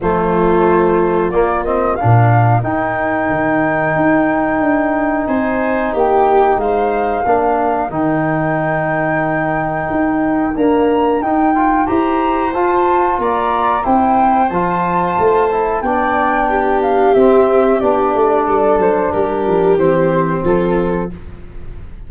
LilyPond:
<<
  \new Staff \with { instrumentName = "flute" } { \time 4/4 \tempo 4 = 91 c''2 d''8 dis''8 f''4 | g''1 | gis''4 g''4 f''2 | g''1 |
ais''4 g''4 ais''4 a''4 | ais''4 g''4 a''2 | g''4. f''8 e''4 d''4~ | d''8 c''8 ais'4 c''4 a'4 | }
  \new Staff \with { instrumentName = "viola" } { \time 4/4 f'2. ais'4~ | ais'1 | c''4 g'4 c''4 ais'4~ | ais'1~ |
ais'2 c''2 | d''4 c''2. | d''4 g'2. | a'4 g'2 f'4 | }
  \new Staff \with { instrumentName = "trombone" } { \time 4/4 a2 ais8 c'8 d'4 | dis'1~ | dis'2. d'4 | dis'1 |
ais4 dis'8 f'8 g'4 f'4~ | f'4 e'4 f'4. e'8 | d'2 c'4 d'4~ | d'2 c'2 | }
  \new Staff \with { instrumentName = "tuba" } { \time 4/4 f2 ais4 ais,4 | dis'4 dis4 dis'4 d'4 | c'4 ais4 gis4 ais4 | dis2. dis'4 |
d'4 dis'4 e'4 f'4 | ais4 c'4 f4 a4 | b2 c'4 b8 a8 | g8 fis8 g8 f8 e4 f4 | }
>>